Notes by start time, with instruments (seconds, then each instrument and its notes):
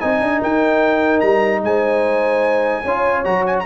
0.00 tuba C4, trombone D#4, horn D#5, trumpet G#5
0.21 tuba D4
0.41 tuba D#4, horn A#4, trumpet G5
1.21 tuba G3, trumpet A#5
1.62 tuba G#3, horn C5, trumpet G#5
2.83 tuba C#4, trombone F4, horn C#5
3.25 tuba F#3, trombone F#4, trumpet A#5
3.47 trumpet G#5
3.60 trumpet A#5